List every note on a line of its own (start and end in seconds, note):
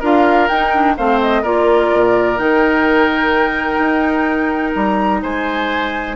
0.00 0.49 D4
0.00 0.50 F4
0.00 0.94 A#4
0.00 0.49 F5
0.49 0.98 D#4
0.49 0.73 D#4
0.49 0.96 G5
0.73 0.97 D4
0.97 1.44 A3
0.97 1.44 C4
0.97 1.42 C5
0.97 1.21 F5
1.21 1.44 D#5
1.42 1.91 A#3
1.42 2.37 F4
1.42 5.20 A#4
1.42 2.38 D5
1.94 2.39 A#2
2.37 3.79 D#3
2.37 6.15 D#4
2.37 4.75 G5
3.79 4.74 D#4
4.75 5.23 G3
4.75 5.22 A#5
5.23 6.16 G#3
5.23 6.16 C5
5.23 6.16 G#5